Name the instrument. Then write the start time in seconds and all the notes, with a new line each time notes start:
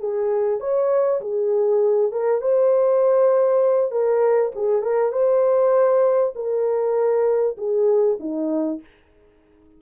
horn
0.00 G#4
0.60 C#5
1.21 G#4
2.12 A#4
2.42 C5
3.91 A#4
4.56 G#4
4.83 A#4
5.12 C5
6.36 A#4
7.58 G#4
8.20 D#4